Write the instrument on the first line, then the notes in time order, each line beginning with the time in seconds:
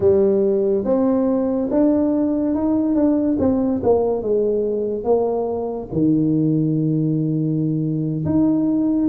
tuba
0.00 G3
0.84 C4
1.70 D4
2.54 D#4
2.95 D4
3.39 C4
3.83 A#3
4.22 G#3
5.04 A#3
5.92 D#3
8.25 D#4